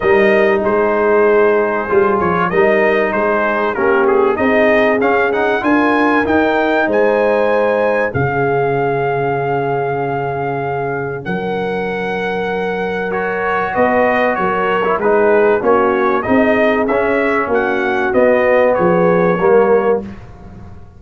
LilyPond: <<
  \new Staff \with { instrumentName = "trumpet" } { \time 4/4 \tempo 4 = 96 dis''4 c''2~ c''8 cis''8 | dis''4 c''4 ais'8 gis'8 dis''4 | f''8 fis''8 gis''4 g''4 gis''4~ | gis''4 f''2.~ |
f''2 fis''2~ | fis''4 cis''4 dis''4 cis''4 | b'4 cis''4 dis''4 e''4 | fis''4 dis''4 cis''2 | }
  \new Staff \with { instrumentName = "horn" } { \time 4/4 ais'4 gis'2. | ais'4 gis'4 g'4 gis'4~ | gis'4 ais'2 c''4~ | c''4 gis'2.~ |
gis'2 ais'2~ | ais'2 b'4 ais'4 | gis'4 fis'4 gis'2 | fis'2 gis'4 ais'4 | }
  \new Staff \with { instrumentName = "trombone" } { \time 4/4 dis'2. f'4 | dis'2 cis'4 dis'4 | cis'8 dis'8 f'4 dis'2~ | dis'4 cis'2.~ |
cis'1~ | cis'4 fis'2~ fis'8. e'16 | dis'4 cis'4 dis'4 cis'4~ | cis'4 b2 ais4 | }
  \new Staff \with { instrumentName = "tuba" } { \time 4/4 g4 gis2 g8 f8 | g4 gis4 ais4 c'4 | cis'4 d'4 dis'4 gis4~ | gis4 cis2.~ |
cis2 fis2~ | fis2 b4 fis4 | gis4 ais4 c'4 cis'4 | ais4 b4 f4 g4 | }
>>